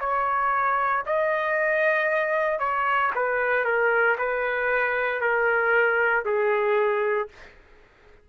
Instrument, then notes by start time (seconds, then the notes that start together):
trumpet
0.00 C#5
1.06 D#5
2.60 C#5
3.16 B4
3.65 A#4
4.18 B4
5.21 A#4
6.25 G#4